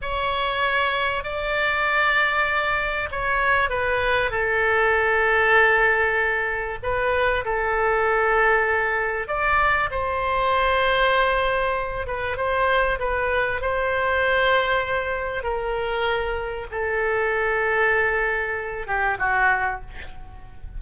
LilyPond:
\new Staff \with { instrumentName = "oboe" } { \time 4/4 \tempo 4 = 97 cis''2 d''2~ | d''4 cis''4 b'4 a'4~ | a'2. b'4 | a'2. d''4 |
c''2.~ c''8 b'8 | c''4 b'4 c''2~ | c''4 ais'2 a'4~ | a'2~ a'8 g'8 fis'4 | }